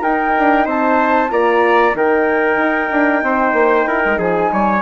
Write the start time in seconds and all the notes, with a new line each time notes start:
0.00 D#4 A#4 G5
0.38 D4
0.65 C4 C5 A5
1.29 A#3 F4 D5 A#5
1.93 D#3 D#4 A#4 G5
2.56 D#4
2.91 D4
3.23 C4 C5
3.52 A#3
3.87 E4 A#4
4.05 G#3
4.18 F3 G#4 G#5
4.52 G3 C#5